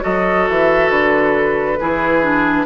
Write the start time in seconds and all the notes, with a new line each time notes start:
0.00 F#3 F#4 A4 D#5
0.49 E3 E5
0.90 D3 B4
1.80 E3 E4 G#4
2.22 D4